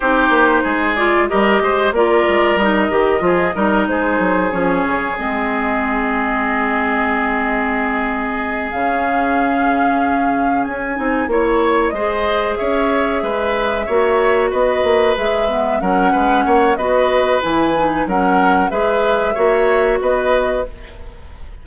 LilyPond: <<
  \new Staff \with { instrumentName = "flute" } { \time 4/4 \tempo 4 = 93 c''4. d''8 dis''4 d''4 | dis''2 c''4 cis''4 | dis''1~ | dis''4. f''2~ f''8~ |
f''8 gis''4 cis''4 dis''4 e''8~ | e''2~ e''8 dis''4 e''8~ | e''8 fis''4. dis''4 gis''4 | fis''4 e''2 dis''4 | }
  \new Staff \with { instrumentName = "oboe" } { \time 4/4 g'4 gis'4 ais'8 c''8 ais'4~ | ais'4 gis'8 ais'8 gis'2~ | gis'1~ | gis'1~ |
gis'4. cis''4 c''4 cis''8~ | cis''8 b'4 cis''4 b'4.~ | b'8 ais'8 b'8 cis''8 b'2 | ais'4 b'4 cis''4 b'4 | }
  \new Staff \with { instrumentName = "clarinet" } { \time 4/4 dis'4. f'8 g'4 f'4 | dis'8 g'8 f'8 dis'4. cis'4 | c'1~ | c'4. cis'2~ cis'8~ |
cis'4 dis'8 e'4 gis'4.~ | gis'4. fis'2 gis'8 | b8 cis'4. fis'4 e'8 dis'8 | cis'4 gis'4 fis'2 | }
  \new Staff \with { instrumentName = "bassoon" } { \time 4/4 c'8 ais8 gis4 g8 gis8 ais8 gis8 | g8 dis8 f8 g8 gis8 fis8 f8 cis8 | gis1~ | gis4. cis2~ cis8~ |
cis8 cis'8 c'8 ais4 gis4 cis'8~ | cis'8 gis4 ais4 b8 ais8 gis8~ | gis8 fis8 gis8 ais8 b4 e4 | fis4 gis4 ais4 b4 | }
>>